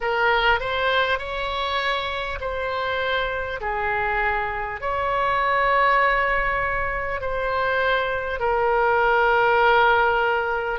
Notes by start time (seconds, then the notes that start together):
0.00 A#4
0.60 C5
1.18 C#5
2.40 C5
3.60 G#4
4.80 C#5
7.21 C5
8.39 A#4